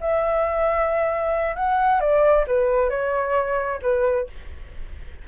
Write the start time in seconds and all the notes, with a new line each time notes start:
0.00 E5
1.55 F#5
2.00 D5
2.47 B4
2.89 C#5
3.82 B4